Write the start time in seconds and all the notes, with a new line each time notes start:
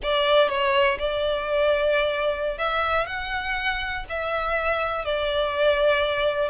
0.02 D5
0.49 C#5
0.98 D5
2.58 E5
3.06 F#5
4.09 E5
5.04 D5